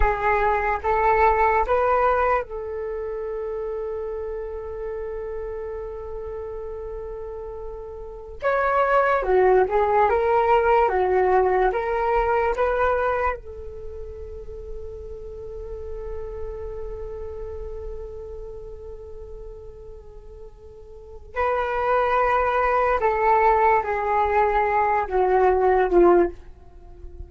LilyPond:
\new Staff \with { instrumentName = "flute" } { \time 4/4 \tempo 4 = 73 gis'4 a'4 b'4 a'4~ | a'1~ | a'2~ a'16 cis''4 fis'8 gis'16~ | gis'16 ais'4 fis'4 ais'4 b'8.~ |
b'16 a'2.~ a'8.~ | a'1~ | a'2 b'2 | a'4 gis'4. fis'4 f'8 | }